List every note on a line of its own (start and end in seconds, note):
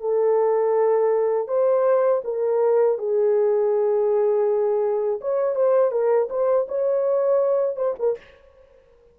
0.00 1.48 A4
1.48 2.22 C5
2.24 2.98 A#4
2.98 5.20 G#4
5.21 5.56 C#5
5.56 5.91 C5
5.91 6.28 A#4
6.30 6.67 C5
6.68 7.76 C#5
7.76 7.95 C5
7.99 8.18 A#4